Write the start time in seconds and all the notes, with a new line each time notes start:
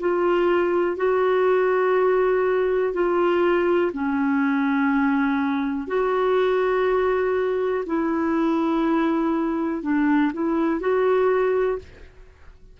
0.00 F4
0.97 F#4
2.94 F4
3.93 C#4
5.87 F#4
7.86 E4
9.82 D4
10.33 E4
10.81 F#4